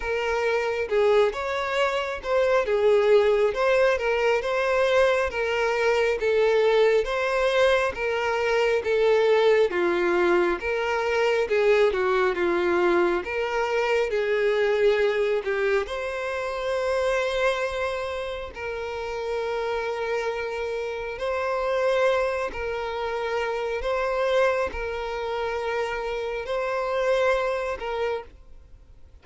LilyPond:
\new Staff \with { instrumentName = "violin" } { \time 4/4 \tempo 4 = 68 ais'4 gis'8 cis''4 c''8 gis'4 | c''8 ais'8 c''4 ais'4 a'4 | c''4 ais'4 a'4 f'4 | ais'4 gis'8 fis'8 f'4 ais'4 |
gis'4. g'8 c''2~ | c''4 ais'2. | c''4. ais'4. c''4 | ais'2 c''4. ais'8 | }